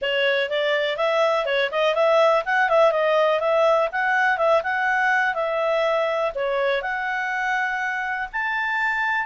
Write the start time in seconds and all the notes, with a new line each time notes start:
0.01 C#5
0.49 D5
0.96 E5
1.45 C#5
1.71 D#5
1.94 E5
2.45 F#5
2.69 E5
2.91 D#5
3.39 E5
3.92 F#5
4.37 E5
4.63 F#5
5.34 E5
6.34 C#5
6.82 F#5
8.32 A5